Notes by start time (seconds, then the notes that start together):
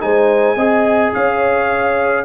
0.00 G#3 D#4 C5 G#5
0.56 C4 G#4 D#5
1.13 C#4 C#5 F5